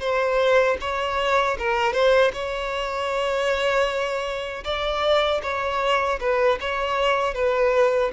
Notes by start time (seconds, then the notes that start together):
0.00 C5
0.80 C#5
1.58 A#4
1.93 C5
2.33 C#5
4.64 D5
5.42 C#5
6.20 B4
6.60 C#5
7.34 B4